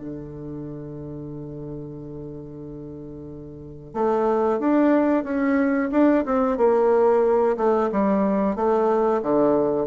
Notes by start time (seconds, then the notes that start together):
0.00 D3
3.94 A3
4.59 D4
5.24 C#4
5.91 D4
6.25 C4
6.58 A#3
7.57 A3
7.92 G3
8.56 A3
9.22 D3